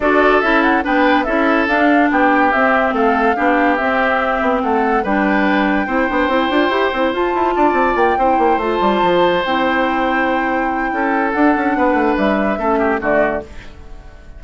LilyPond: <<
  \new Staff \with { instrumentName = "flute" } { \time 4/4 \tempo 4 = 143 d''4 e''8 fis''8 g''4 e''4 | f''4 g''4 e''4 f''4~ | f''4 e''2 fis''4 | g''1~ |
g''4 a''2 g''4~ | g''8 a''2 g''4.~ | g''2. fis''4~ | fis''4 e''2 d''4 | }
  \new Staff \with { instrumentName = "oboe" } { \time 4/4 a'2 b'4 a'4~ | a'4 g'2 a'4 | g'2. a'4 | b'2 c''2~ |
c''2 d''4. c''8~ | c''1~ | c''2 a'2 | b'2 a'8 g'8 fis'4 | }
  \new Staff \with { instrumentName = "clarinet" } { \time 4/4 fis'4 e'4 d'4 e'4 | d'2 c'2 | d'4 c'2. | d'2 e'8 d'8 e'8 f'8 |
g'8 e'8 f'2~ f'8 e'8~ | e'8 f'2 e'4.~ | e'2. d'4~ | d'2 cis'4 a4 | }
  \new Staff \with { instrumentName = "bassoon" } { \time 4/4 d'4 cis'4 b4 cis'4 | d'4 b4 c'4 a4 | b4 c'4. b8 a4 | g2 c'8 b8 c'8 d'8 |
e'8 c'8 f'8 e'8 d'8 c'8 ais8 c'8 | ais8 a8 g8 f4 c'4.~ | c'2 cis'4 d'8 cis'8 | b8 a8 g4 a4 d4 | }
>>